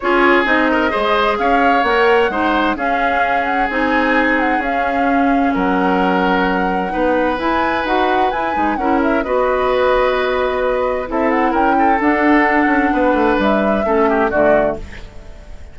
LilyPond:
<<
  \new Staff \with { instrumentName = "flute" } { \time 4/4 \tempo 4 = 130 cis''4 dis''2 f''4 | fis''2 f''4. fis''8 | gis''4. fis''8 f''2 | fis''1 |
gis''4 fis''4 gis''4 fis''8 e''8 | dis''1 | e''8 fis''8 g''4 fis''2~ | fis''4 e''2 d''4 | }
  \new Staff \with { instrumentName = "oboe" } { \time 4/4 gis'4. ais'8 c''4 cis''4~ | cis''4 c''4 gis'2~ | gis'1 | ais'2. b'4~ |
b'2. ais'4 | b'1 | a'4 ais'8 a'2~ a'8 | b'2 a'8 g'8 fis'4 | }
  \new Staff \with { instrumentName = "clarinet" } { \time 4/4 f'4 dis'4 gis'2 | ais'4 dis'4 cis'2 | dis'2 cis'2~ | cis'2. dis'4 |
e'4 fis'4 e'8 dis'8 e'4 | fis'1 | e'2 d'2~ | d'2 cis'4 a4 | }
  \new Staff \with { instrumentName = "bassoon" } { \time 4/4 cis'4 c'4 gis4 cis'4 | ais4 gis4 cis'2 | c'2 cis'2 | fis2. b4 |
e'4 dis'4 e'8 gis8 cis'4 | b1 | c'4 cis'4 d'4. cis'8 | b8 a8 g4 a4 d4 | }
>>